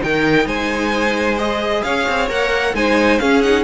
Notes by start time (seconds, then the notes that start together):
0.00 D#3 D#4 A#4 G5
0.46 G#3 C5 G#5
1.38 G#4 D#5
1.83 C#4 C#5 F5
2.09 C4
2.29 A#3 A#4 F#5
2.74 G#3 D#4 C5 G#5
3.20 C#4 G#4 F5
3.42 D#4 F#5